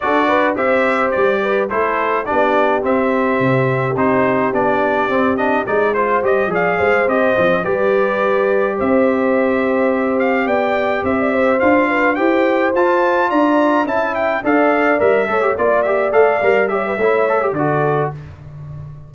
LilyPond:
<<
  \new Staff \with { instrumentName = "trumpet" } { \time 4/4 \tempo 4 = 106 d''4 e''4 d''4 c''4 | d''4 e''2 c''4 | d''4. dis''8 d''8 c''8 dis''8 f''8~ | f''8 dis''4 d''2 e''8~ |
e''2 f''8 g''4 e''8~ | e''8 f''4 g''4 a''4 ais''8~ | ais''8 a''8 g''8 f''4 e''4 d''8 | e''8 f''4 e''4. d''4 | }
  \new Staff \with { instrumentName = "horn" } { \time 4/4 a'8 b'8 c''4. b'8 a'4 | g'1~ | g'2~ g'8 c''4 d''8 | c''4. b'2 c''8~ |
c''2~ c''8 d''4 c''16 d''16 | c''4 b'8 c''2 d''8~ | d''8 e''4 d''4. cis''8 d''8~ | d''4. cis''16 b'16 cis''4 a'4 | }
  \new Staff \with { instrumentName = "trombone" } { \time 4/4 fis'4 g'2 e'4 | d'4 c'2 dis'4 | d'4 c'8 d'8 dis'8 f'8 g'8 gis'8~ | gis'8 g'8 c'8 g'2~ g'8~ |
g'1~ | g'8 f'4 g'4 f'4.~ | f'8 e'4 a'4 ais'8 a'16 g'16 f'8 | g'8 a'8 ais'8 g'8 e'8 a'16 g'16 fis'4 | }
  \new Staff \with { instrumentName = "tuba" } { \time 4/4 d'4 c'4 g4 a4 | b4 c'4 c4 c'4 | b4 c'4 gis4 g8 f8 | gis8 c'8 f8 g2 c'8~ |
c'2~ c'8 b4 c'8~ | c'8 d'4 e'4 f'4 d'8~ | d'8 cis'4 d'4 g8 a8 ais8~ | ais8 a8 g4 a4 d4 | }
>>